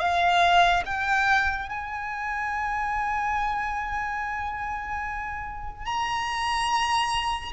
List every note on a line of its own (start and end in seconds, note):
0.00 0.83 F5
0.86 1.69 G5
1.69 5.86 G#5
5.86 7.53 A#5